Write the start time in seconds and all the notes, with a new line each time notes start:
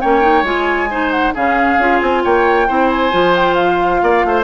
0.00 A#3 C#4 C#5 G5
0.21 D#4
0.42 G#3 F4 G#5
0.90 D#4 C5
1.11 F#5
1.34 C#3 C#4 G#4 F5
1.78 C#4 F4
2.00 C4 G#5
2.24 A#3 C#5 G5
2.67 C4 E4 C5
2.90 G#5
3.11 F3 F4
3.35 G5
3.54 F5
4.02 A#3 D5
4.25 A3 C5